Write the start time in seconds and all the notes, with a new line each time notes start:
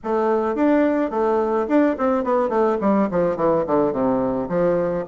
0.03 A3
0.55 D4
1.10 A3
1.68 D4
1.98 C4
2.24 B3
2.49 A3
2.80 G3
3.10 F3
3.36 E3
3.66 D3
3.92 C3
4.48 F3